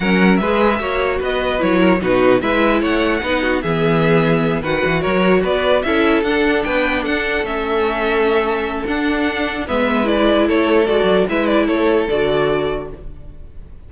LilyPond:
<<
  \new Staff \with { instrumentName = "violin" } { \time 4/4 \tempo 4 = 149 fis''4 e''2 dis''4 | cis''4 b'4 e''4 fis''4~ | fis''4 e''2~ e''8 fis''8~ | fis''8 cis''4 d''4 e''4 fis''8~ |
fis''8 g''4 fis''4 e''4.~ | e''2 fis''2 | e''4 d''4 cis''4 d''4 | e''8 d''8 cis''4 d''2 | }
  \new Staff \with { instrumentName = "violin" } { \time 4/4 ais'4 b'4 cis''4 b'4~ | b'8 ais'8 fis'4 b'4 cis''4 | b'8 fis'8 gis'2~ gis'8 b'8~ | b'8 ais'4 b'4 a'4.~ |
a'8 b'4 a'2~ a'8~ | a'1 | b'2 a'2 | b'4 a'2. | }
  \new Staff \with { instrumentName = "viola" } { \time 4/4 cis'4 gis'4 fis'2 | e'4 dis'4 e'2 | dis'4 b2~ b8 fis'8~ | fis'2~ fis'8 e'4 d'8~ |
d'2~ d'8 cis'4.~ | cis'2 d'2 | b4 e'2 fis'4 | e'2 fis'2 | }
  \new Staff \with { instrumentName = "cello" } { \time 4/4 fis4 gis4 ais4 b4 | fis4 b,4 gis4 a4 | b4 e2~ e8 dis8 | e8 fis4 b4 cis'4 d'8~ |
d'8 b4 d'4 a4.~ | a2 d'2 | gis2 a4 gis8 fis8 | gis4 a4 d2 | }
>>